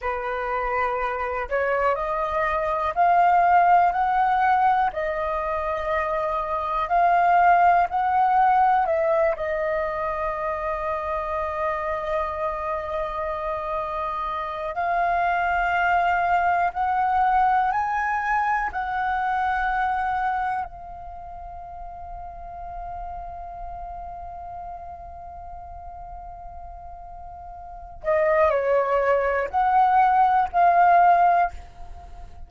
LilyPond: \new Staff \with { instrumentName = "flute" } { \time 4/4 \tempo 4 = 61 b'4. cis''8 dis''4 f''4 | fis''4 dis''2 f''4 | fis''4 e''8 dis''2~ dis''8~ | dis''2. f''4~ |
f''4 fis''4 gis''4 fis''4~ | fis''4 f''2.~ | f''1~ | f''8 dis''8 cis''4 fis''4 f''4 | }